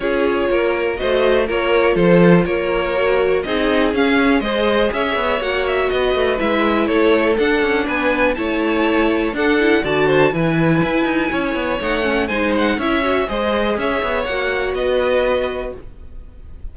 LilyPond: <<
  \new Staff \with { instrumentName = "violin" } { \time 4/4 \tempo 4 = 122 cis''2 dis''4 cis''4 | c''4 cis''2 dis''4 | f''4 dis''4 e''4 fis''8 e''8 | dis''4 e''4 cis''4 fis''4 |
gis''4 a''2 fis''4 | a''4 gis''2. | fis''4 gis''8 fis''8 e''4 dis''4 | e''4 fis''4 dis''2 | }
  \new Staff \with { instrumentName = "violin" } { \time 4/4 gis'4 ais'4 c''4 ais'4 | a'4 ais'2 gis'4~ | gis'4 c''4 cis''2 | b'2 a'2 |
b'4 cis''2 a'4 | d''8 c''8 b'2 cis''4~ | cis''4 c''4 cis''4 c''4 | cis''2 b'2 | }
  \new Staff \with { instrumentName = "viola" } { \time 4/4 f'2 fis'4 f'4~ | f'2 fis'4 dis'4 | cis'4 gis'2 fis'4~ | fis'4 e'2 d'4~ |
d'4 e'2 d'8 e'8 | fis'4 e'2. | dis'8 cis'8 dis'4 e'8 fis'8 gis'4~ | gis'4 fis'2. | }
  \new Staff \with { instrumentName = "cello" } { \time 4/4 cis'4 ais4 a4 ais4 | f4 ais2 c'4 | cis'4 gis4 cis'8 b8 ais4 | b8 a8 gis4 a4 d'8 cis'8 |
b4 a2 d'4 | d4 e4 e'8 dis'8 cis'8 b8 | a4 gis4 cis'4 gis4 | cis'8 b8 ais4 b2 | }
>>